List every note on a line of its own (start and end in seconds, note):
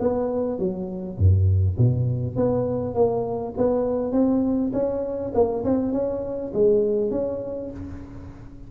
0.00 0.59 B3
0.59 1.18 F#3
1.18 1.77 F#2
1.78 2.36 B2
2.36 2.95 B3
2.95 3.54 A#3
3.57 4.12 B3
4.12 4.71 C4
4.73 5.32 C#4
5.34 5.64 A#3
5.64 5.92 C4
5.92 6.52 C#4
6.54 7.11 G#3
7.11 7.70 C#4